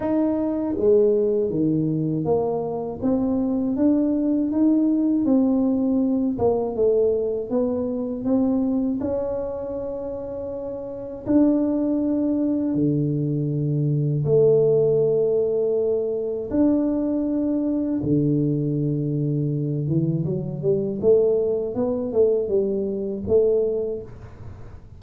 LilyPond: \new Staff \with { instrumentName = "tuba" } { \time 4/4 \tempo 4 = 80 dis'4 gis4 dis4 ais4 | c'4 d'4 dis'4 c'4~ | c'8 ais8 a4 b4 c'4 | cis'2. d'4~ |
d'4 d2 a4~ | a2 d'2 | d2~ d8 e8 fis8 g8 | a4 b8 a8 g4 a4 | }